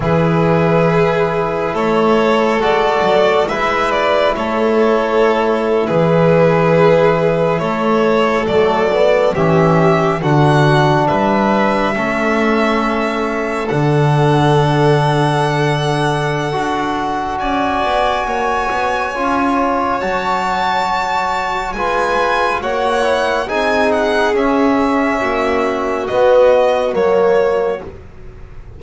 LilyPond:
<<
  \new Staff \with { instrumentName = "violin" } { \time 4/4 \tempo 4 = 69 b'2 cis''4 d''4 | e''8 d''8 cis''4.~ cis''16 b'4~ b'16~ | b'8. cis''4 d''4 e''4 fis''16~ | fis''8. e''2. fis''16~ |
fis''1 | gis''2. a''4~ | a''4 gis''4 fis''4 gis''8 fis''8 | e''2 dis''4 cis''4 | }
  \new Staff \with { instrumentName = "violin" } { \time 4/4 gis'2 a'2 | b'4 a'4.~ a'16 gis'4~ gis'16~ | gis'8. a'2 g'4 fis'16~ | fis'8. b'4 a'2~ a'16~ |
a'1 | d''4 cis''2.~ | cis''4 b'4 cis''4 gis'4~ | gis'4 fis'2. | }
  \new Staff \with { instrumentName = "trombone" } { \time 4/4 e'2. fis'4 | e'1~ | e'4.~ e'16 a8 b8 cis'4 d'16~ | d'4.~ d'16 cis'2 d'16~ |
d'2. fis'4~ | fis'2 f'4 fis'4~ | fis'4 f'4 fis'8 e'8 dis'4 | cis'2 b4 ais4 | }
  \new Staff \with { instrumentName = "double bass" } { \time 4/4 e2 a4 gis8 fis8 | gis4 a4.~ a16 e4~ e16~ | e8. a4 fis4 e4 d16~ | d8. g4 a2 d16~ |
d2. d'4 | cis'8 b8 ais8 b8 cis'4 fis4~ | fis4 gis4 ais4 c'4 | cis'4 ais4 b4 fis4 | }
>>